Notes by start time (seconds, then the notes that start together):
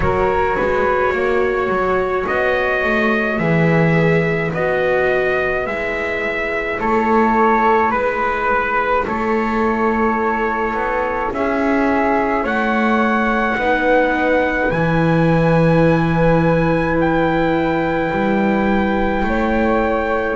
0.00 F#3 F#4 A#4 C#5
0.56 G#3 B4
1.12 A#3 C#5
1.68 F#3
2.26 B3 D#5
2.83 A3
3.37 E3 G#4 B4 E5
4.53 B3 F#4 D#5
5.66 G#3 E4 E5
6.79 A3 A4 C#5
7.90 G#3 B4
9.06 A3 A4 C#5
10.74 B3
11.30 C#4 G#4 E5
12.43 A3 C#5 F#5
13.57 B3 D#4 B4
14.71 E3 E4 G#5
17.00 G5
18.11 G3
19.23 A3 C#5